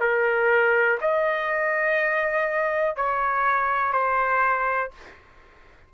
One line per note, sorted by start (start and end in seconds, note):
0.00 0.98 A#4
1.01 2.96 D#5
2.96 3.92 C#5
3.92 4.90 C5